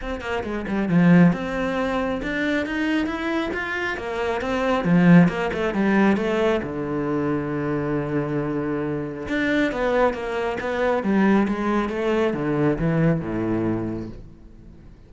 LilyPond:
\new Staff \with { instrumentName = "cello" } { \time 4/4 \tempo 4 = 136 c'8 ais8 gis8 g8 f4 c'4~ | c'4 d'4 dis'4 e'4 | f'4 ais4 c'4 f4 | ais8 a8 g4 a4 d4~ |
d1~ | d4 d'4 b4 ais4 | b4 g4 gis4 a4 | d4 e4 a,2 | }